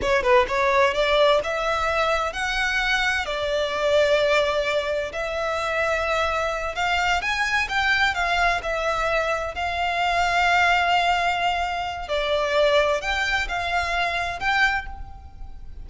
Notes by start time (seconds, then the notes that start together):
0.01 C#5
0.22 B4
0.48 C#5
0.93 D5
1.43 E5
2.33 F#5
3.25 D5
5.12 E5
6.75 F5
7.21 G#5
7.68 G5
8.14 F5
8.62 E5
9.55 F5
12.08 D5
13.01 G5
13.48 F5
14.39 G5